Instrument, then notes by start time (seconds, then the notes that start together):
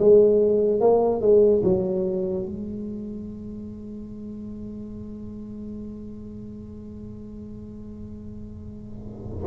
tuba
0.00 G#3
0.81 A#3
1.21 G#3
1.64 F#3
2.46 G#3